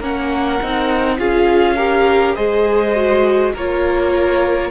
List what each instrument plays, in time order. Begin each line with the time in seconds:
0.00 cello A#3, viola C#4, violin A#4 F#5
0.62 cello C4, viola D#4
1.19 cello C#4, viola F4, violin G#4 F5
1.76 viola G4, violin A#4
2.35 cello G#3, viola G#4, violin C5 D#5
2.95 viola F#4
3.54 cello A#3, viola F4, violin A#4 C#5